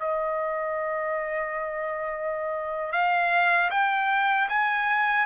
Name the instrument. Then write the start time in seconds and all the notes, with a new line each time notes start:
trumpet
0.00 D#5
2.93 F5
3.71 G5
4.49 G#5